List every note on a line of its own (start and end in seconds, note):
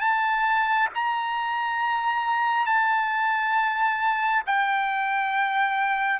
0.00 0.88 A5
0.94 2.66 A#5
2.66 4.42 A5
4.46 6.19 G5